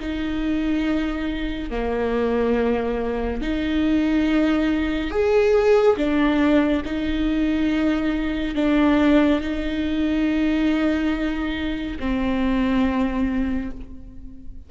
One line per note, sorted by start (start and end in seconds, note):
0.00 1.71 D#4
1.71 3.42 A#3
3.42 5.11 D#4
5.11 5.96 G#4
5.97 6.83 D4
6.85 8.55 D#4
8.55 9.41 D4
9.41 11.98 D#4
12.00 13.71 C4